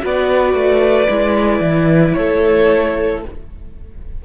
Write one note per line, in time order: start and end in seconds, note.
0.00 0.54 B3
0.00 1.07 F#4
0.00 2.17 B4
0.06 2.14 D5
0.54 1.08 A3
1.10 1.61 G#3
1.10 3.24 E4
1.61 2.14 E3
2.14 3.25 A3
2.14 3.25 A4
2.14 3.21 C#5